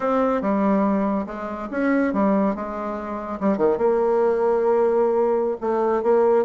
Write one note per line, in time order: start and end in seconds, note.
0.00 0.41 C4
0.41 1.26 G3
1.26 1.68 G#3
1.71 2.13 C#4
2.13 2.55 G3
2.55 3.39 G#3
3.40 3.57 G3
3.57 3.77 D#3
3.77 5.57 A#3
5.60 6.02 A3
6.02 6.45 A#3